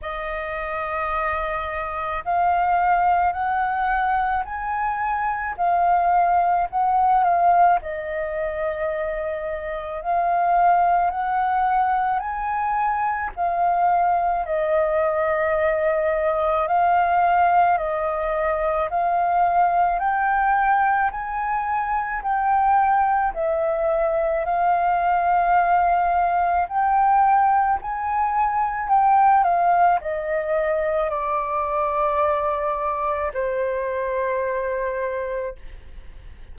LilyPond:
\new Staff \with { instrumentName = "flute" } { \time 4/4 \tempo 4 = 54 dis''2 f''4 fis''4 | gis''4 f''4 fis''8 f''8 dis''4~ | dis''4 f''4 fis''4 gis''4 | f''4 dis''2 f''4 |
dis''4 f''4 g''4 gis''4 | g''4 e''4 f''2 | g''4 gis''4 g''8 f''8 dis''4 | d''2 c''2 | }